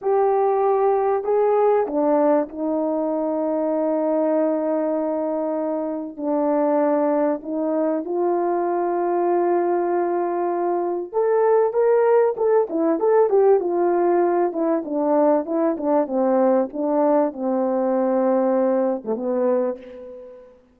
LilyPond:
\new Staff \with { instrumentName = "horn" } { \time 4/4 \tempo 4 = 97 g'2 gis'4 d'4 | dis'1~ | dis'2 d'2 | dis'4 f'2.~ |
f'2 a'4 ais'4 | a'8 e'8 a'8 g'8 f'4. e'8 | d'4 e'8 d'8 c'4 d'4 | c'2~ c'8. a16 b4 | }